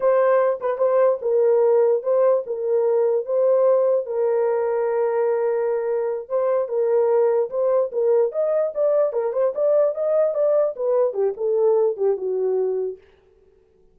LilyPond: \new Staff \with { instrumentName = "horn" } { \time 4/4 \tempo 4 = 148 c''4. b'8 c''4 ais'4~ | ais'4 c''4 ais'2 | c''2 ais'2~ | ais'2.~ ais'8 c''8~ |
c''8 ais'2 c''4 ais'8~ | ais'8 dis''4 d''4 ais'8 c''8 d''8~ | d''8 dis''4 d''4 b'4 g'8 | a'4. g'8 fis'2 | }